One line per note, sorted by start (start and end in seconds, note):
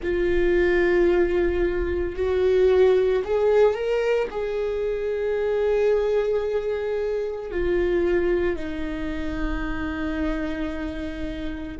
0.02 2.15 F4
2.15 3.22 F#4
3.24 3.74 G#4
3.74 4.28 A#4
4.30 7.50 G#4
7.50 8.56 F4
8.56 11.77 D#4